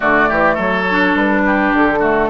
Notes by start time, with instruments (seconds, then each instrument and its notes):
0.00 bassoon D3, clarinet A3, oboe F#4, flute D5
0.28 bassoon E3, oboe G4
0.54 bassoon F#3, oboe A4, flute C#5
0.90 clarinet D4
1.15 bassoon G3, flute B4
1.46 oboe G4
1.72 bassoon D3, flute A4
1.99 clarinet A3, oboe F#4